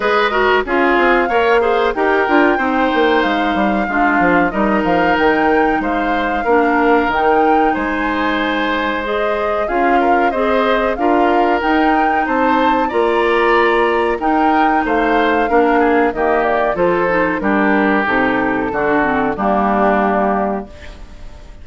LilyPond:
<<
  \new Staff \with { instrumentName = "flute" } { \time 4/4 \tempo 4 = 93 dis''4 f''2 g''4~ | g''4 f''2 dis''8 f''8 | g''4 f''2 g''4 | gis''2 dis''4 f''4 |
dis''4 f''4 g''4 a''4 | ais''2 g''4 f''4~ | f''4 dis''8 d''8 c''4 ais'4 | a'2 g'2 | }
  \new Staff \with { instrumentName = "oboe" } { \time 4/4 b'8 ais'8 gis'4 cis''8 c''8 ais'4 | c''2 f'4 ais'4~ | ais'4 c''4 ais'2 | c''2. gis'8 ais'8 |
c''4 ais'2 c''4 | d''2 ais'4 c''4 | ais'8 gis'8 g'4 a'4 g'4~ | g'4 fis'4 d'2 | }
  \new Staff \with { instrumentName = "clarinet" } { \time 4/4 gis'8 fis'8 f'4 ais'8 gis'8 g'8 f'8 | dis'2 d'4 dis'4~ | dis'2 d'4 dis'4~ | dis'2 gis'4 f'4 |
gis'4 f'4 dis'2 | f'2 dis'2 | d'4 ais4 f'8 dis'8 d'4 | dis'4 d'8 c'8 ais2 | }
  \new Staff \with { instrumentName = "bassoon" } { \time 4/4 gis4 cis'8 c'8 ais4 dis'8 d'8 | c'8 ais8 gis8 g8 gis8 f8 g8 f8 | dis4 gis4 ais4 dis4 | gis2. cis'4 |
c'4 d'4 dis'4 c'4 | ais2 dis'4 a4 | ais4 dis4 f4 g4 | c4 d4 g2 | }
>>